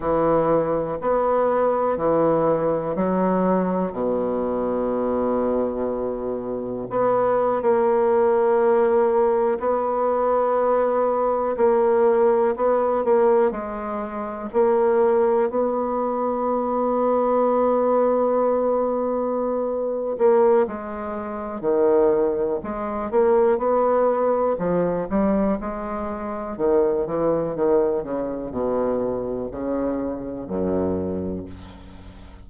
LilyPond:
\new Staff \with { instrumentName = "bassoon" } { \time 4/4 \tempo 4 = 61 e4 b4 e4 fis4 | b,2. b8. ais16~ | ais4.~ ais16 b2 ais16~ | ais8. b8 ais8 gis4 ais4 b16~ |
b1~ | b8 ais8 gis4 dis4 gis8 ais8 | b4 f8 g8 gis4 dis8 e8 | dis8 cis8 b,4 cis4 fis,4 | }